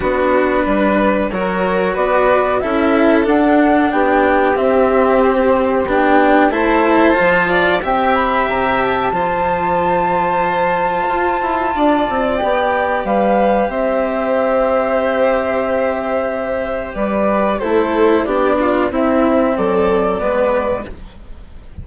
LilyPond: <<
  \new Staff \with { instrumentName = "flute" } { \time 4/4 \tempo 4 = 92 b'2 cis''4 d''4 | e''4 fis''4 g''4 e''4 | c''4 g''4 a''2 | g''8 b''8 ais''8 a''2~ a''8~ |
a''2. g''4 | f''4 e''2.~ | e''2 d''4 c''4 | d''4 e''4 d''2 | }
  \new Staff \with { instrumentName = "violin" } { \time 4/4 fis'4 b'4 ais'4 b'4 | a'2 g'2~ | g'2 c''4. d''8 | e''2 c''2~ |
c''2 d''2 | b'4 c''2.~ | c''2 b'4 a'4 | g'8 f'8 e'4 a'4 b'4 | }
  \new Staff \with { instrumentName = "cello" } { \time 4/4 d'2 fis'2 | e'4 d'2 c'4~ | c'4 d'4 e'4 f'4 | g'2 f'2~ |
f'2. g'4~ | g'1~ | g'2. e'4 | d'4 c'2 b4 | }
  \new Staff \with { instrumentName = "bassoon" } { \time 4/4 b4 g4 fis4 b4 | cis'4 d'4 b4 c'4~ | c'4 b4 a4 f4 | c'4 c4 f2~ |
f4 f'8 e'8 d'8 c'8 b4 | g4 c'2.~ | c'2 g4 a4 | b4 c'4 fis4 gis4 | }
>>